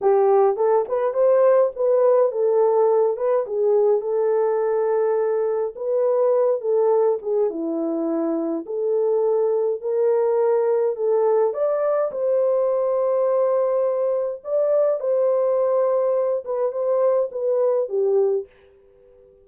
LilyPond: \new Staff \with { instrumentName = "horn" } { \time 4/4 \tempo 4 = 104 g'4 a'8 b'8 c''4 b'4 | a'4. b'8 gis'4 a'4~ | a'2 b'4. a'8~ | a'8 gis'8 e'2 a'4~ |
a'4 ais'2 a'4 | d''4 c''2.~ | c''4 d''4 c''2~ | c''8 b'8 c''4 b'4 g'4 | }